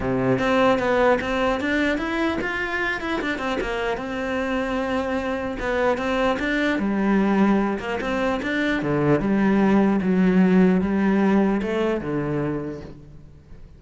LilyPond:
\new Staff \with { instrumentName = "cello" } { \time 4/4 \tempo 4 = 150 c4 c'4 b4 c'4 | d'4 e'4 f'4. e'8 | d'8 c'8 ais4 c'2~ | c'2 b4 c'4 |
d'4 g2~ g8 ais8 | c'4 d'4 d4 g4~ | g4 fis2 g4~ | g4 a4 d2 | }